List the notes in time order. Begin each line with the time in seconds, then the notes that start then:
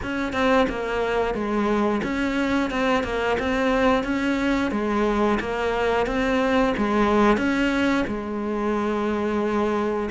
0.02 C#4
0.32 C4
0.69 A#3
1.34 G#3
2.03 C#4
2.70 C4
3.03 A#3
3.39 C4
4.03 C#4
4.71 G#3
5.39 A#3
6.06 C4
6.77 G#3
7.37 C#4
8.07 G#3